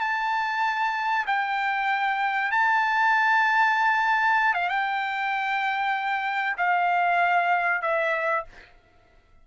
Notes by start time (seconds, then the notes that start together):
0.00 A5
1.26 G5
2.51 A5
4.54 F5
4.68 G5
6.57 F5
7.82 E5